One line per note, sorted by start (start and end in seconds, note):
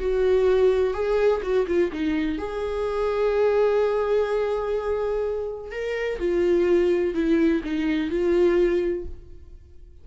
0.00 0.94 F#4
0.94 1.42 G#4
1.43 1.66 F#4
1.67 1.91 F4
1.92 2.39 D#4
2.39 5.72 G#4
5.72 6.19 A#4
6.19 7.15 F4
7.15 7.62 E4
7.64 8.10 D#4
8.10 9.05 F4